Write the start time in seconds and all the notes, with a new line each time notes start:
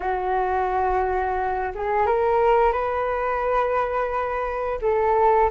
0.00 F#4
1.74 G#4
2.06 A#4
2.72 B4
4.81 A4